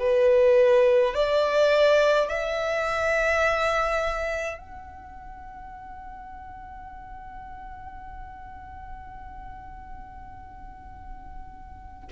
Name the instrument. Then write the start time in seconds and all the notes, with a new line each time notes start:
violin
0.00 B4
1.15 D5
2.29 E5
4.58 F#5